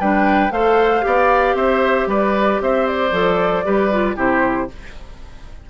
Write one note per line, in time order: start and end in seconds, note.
0.00 0.51 G3
0.00 0.50 D4
0.00 0.52 B4
0.00 0.52 G5
0.50 1.03 A3
0.50 1.01 A4
0.50 1.05 C5
0.50 1.56 F5
1.01 1.54 B3
1.01 3.10 G4
1.01 1.56 D5
1.54 2.06 C4
1.54 2.08 C5
1.54 2.08 E5
2.07 2.59 G3
2.07 2.61 B4
2.07 2.61 D5
2.61 3.12 C4
2.61 3.65 C5
2.61 2.87 E5
2.87 4.17 D5
3.12 3.64 F3
3.12 3.64 A4
3.64 4.16 G3
3.64 3.90 G4
3.64 4.16 B4
3.92 4.15 F4
4.15 4.68 C3
4.15 4.67 E4
4.15 4.68 G4
4.15 4.70 C5